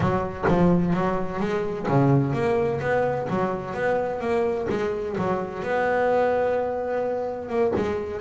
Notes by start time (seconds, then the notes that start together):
0.00 F#3
0.48 F3
0.93 F#3
1.40 G#3
1.88 C#3
2.33 A#3
2.80 B3
3.29 F#3
3.74 B3
4.20 A#3
4.69 G#3
5.18 F#3
5.62 B3
7.49 A#3
7.76 G#3